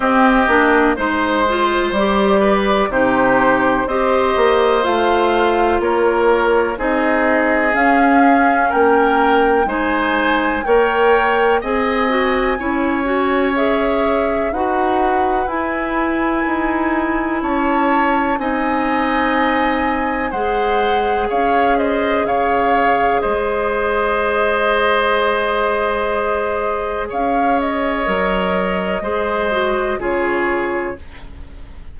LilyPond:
<<
  \new Staff \with { instrumentName = "flute" } { \time 4/4 \tempo 4 = 62 dis''4 c''4 d''4 c''4 | dis''4 f''4 cis''4 dis''4 | f''4 g''4 gis''4 g''4 | gis''2 e''4 fis''4 |
gis''2 a''4 gis''4~ | gis''4 fis''4 f''8 dis''8 f''4 | dis''1 | f''8 dis''2~ dis''8 cis''4 | }
  \new Staff \with { instrumentName = "oboe" } { \time 4/4 g'4 c''4. b'8 g'4 | c''2 ais'4 gis'4~ | gis'4 ais'4 c''4 cis''4 | dis''4 cis''2 b'4~ |
b'2 cis''4 dis''4~ | dis''4 c''4 cis''8 c''8 cis''4 | c''1 | cis''2 c''4 gis'4 | }
  \new Staff \with { instrumentName = "clarinet" } { \time 4/4 c'8 d'8 dis'8 f'8 g'4 dis'4 | g'4 f'2 dis'4 | cis'2 dis'4 ais'4 | gis'8 fis'8 e'8 fis'8 gis'4 fis'4 |
e'2. dis'4~ | dis'4 gis'2.~ | gis'1~ | gis'4 ais'4 gis'8 fis'8 f'4 | }
  \new Staff \with { instrumentName = "bassoon" } { \time 4/4 c'8 ais8 gis4 g4 c4 | c'8 ais8 a4 ais4 c'4 | cis'4 ais4 gis4 ais4 | c'4 cis'2 dis'4 |
e'4 dis'4 cis'4 c'4~ | c'4 gis4 cis'4 cis4 | gis1 | cis'4 fis4 gis4 cis4 | }
>>